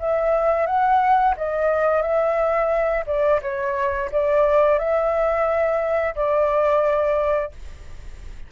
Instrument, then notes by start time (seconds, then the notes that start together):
flute
0.00 E5
0.67 F#5
1.37 D#5
2.02 E5
3.07 D5
3.42 C#5
4.12 D5
4.79 E5
6.16 D5